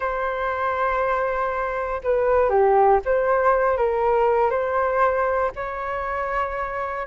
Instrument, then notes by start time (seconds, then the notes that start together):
flute
0.00 C5
2.03 B4
2.49 G4
3.05 C5
3.77 A#4
4.50 C5
5.55 C#5